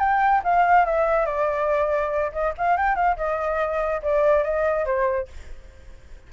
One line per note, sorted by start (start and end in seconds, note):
0.00 0.42 G5
0.44 0.86 F5
0.86 1.26 E5
1.26 2.32 D5
2.33 2.54 D#5
2.58 2.78 F5
2.78 2.96 G5
2.96 3.17 F5
3.17 4.02 D#5
4.02 4.44 D5
4.44 4.86 D#5
4.86 5.28 C5